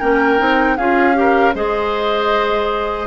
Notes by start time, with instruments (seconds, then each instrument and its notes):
0.00 bassoon A#3, clarinet C#4, oboe A#4, flute G5
0.39 bassoon C4, clarinet D#4
0.77 bassoon C#4, clarinet F4, oboe G#4, flute F5
1.14 clarinet G4, oboe A#4
1.55 bassoon G#3, clarinet G#4, oboe C5, flute D#5